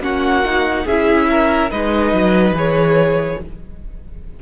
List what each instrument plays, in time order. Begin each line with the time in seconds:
0.00 cello A#3, viola C#4, violin F#4 F#5
0.44 viola D#4
0.84 cello C#4, viola E4, violin G#4 E5
1.30 violin A#4
1.70 cello G#3, viola D#4, violin B4 D#5
2.13 cello F#3
2.51 cello E3, viola G#4, violin C#5